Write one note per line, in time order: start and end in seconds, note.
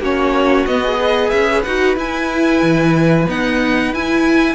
0.00 0.65 A#3
0.00 0.68 C#4
0.00 0.99 F#4
0.00 0.67 C#5
0.67 1.32 B3
0.67 0.84 B3
0.67 1.30 D#5
0.84 1.66 G#4
1.01 4.55 B4
1.30 1.66 C#4
1.30 1.63 E5
1.63 1.97 D#4
1.63 1.97 F#4
1.63 1.96 F#5
1.97 3.27 E4
1.97 2.62 E4
1.97 3.29 G#5
2.62 3.28 E3
3.28 3.93 B3
3.28 3.94 D#4
3.28 3.94 F#5
3.94 4.55 E4
3.94 4.55 G#5